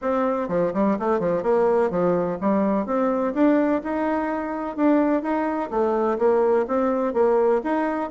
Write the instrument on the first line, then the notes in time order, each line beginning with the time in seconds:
bassoon
0.01 C4
0.48 F3
0.73 G3
0.99 A3
1.19 F3
1.42 A#3
1.90 F3
2.40 G3
2.86 C4
3.33 D4
3.83 D#4
4.76 D4
5.22 D#4
5.70 A3
6.18 A#3
6.67 C4
7.13 A#3
7.63 D#4